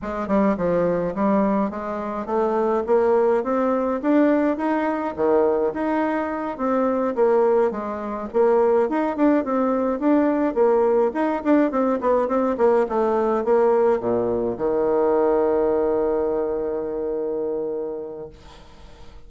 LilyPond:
\new Staff \with { instrumentName = "bassoon" } { \time 4/4 \tempo 4 = 105 gis8 g8 f4 g4 gis4 | a4 ais4 c'4 d'4 | dis'4 dis4 dis'4. c'8~ | c'8 ais4 gis4 ais4 dis'8 |
d'8 c'4 d'4 ais4 dis'8 | d'8 c'8 b8 c'8 ais8 a4 ais8~ | ais8 ais,4 dis2~ dis8~ | dis1 | }